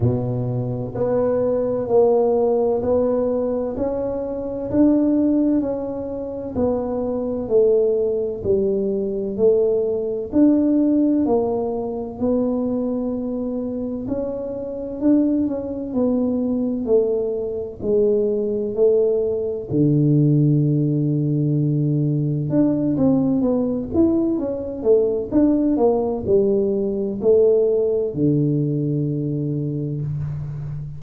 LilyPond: \new Staff \with { instrumentName = "tuba" } { \time 4/4 \tempo 4 = 64 b,4 b4 ais4 b4 | cis'4 d'4 cis'4 b4 | a4 g4 a4 d'4 | ais4 b2 cis'4 |
d'8 cis'8 b4 a4 gis4 | a4 d2. | d'8 c'8 b8 e'8 cis'8 a8 d'8 ais8 | g4 a4 d2 | }